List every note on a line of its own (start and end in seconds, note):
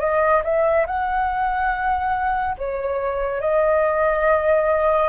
0.00 0.42 D#5
0.44 0.86 E5
0.87 2.56 F#5
2.58 3.41 C#5
3.41 5.09 D#5